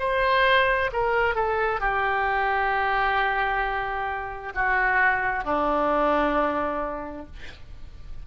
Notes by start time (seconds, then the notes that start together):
0.00 C5
0.93 A#4
1.35 A4
1.81 G4
4.55 F#4
5.45 D4